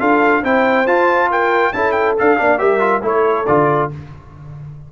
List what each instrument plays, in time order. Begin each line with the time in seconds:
0.00 tuba D4, trombone F4, horn A4, trumpet F5
0.43 tuba C4, trombone E4, horn C5, trumpet G5
0.87 tuba F4, trombone F4, trumpet A5
1.31 horn A#4, trumpet G5
1.73 tuba C#4, trombone E4, horn A4, trumpet A5
1.92 trumpet G5
2.18 tuba D4, trombone A4, trumpet F5
2.37 tuba A#3, trombone D4, horn D5
2.58 tuba G3, trombone G4, horn A#4, trumpet E5
2.80 trombone F4
3.02 tuba A3, trombone E4, horn A4, trumpet C#5
3.47 tuba D3, trombone F4, trumpet D5